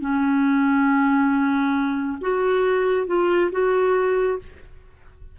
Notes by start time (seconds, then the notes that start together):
0.00 C#4
2.21 F#4
3.07 F4
3.51 F#4